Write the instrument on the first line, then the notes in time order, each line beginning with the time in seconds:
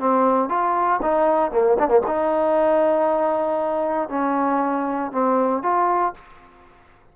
trombone
0.00 C4
0.49 F4
1.03 D#4
1.52 A#3
1.79 D4
1.89 A#3
2.07 D#4
4.10 C#4
5.12 C4
5.63 F4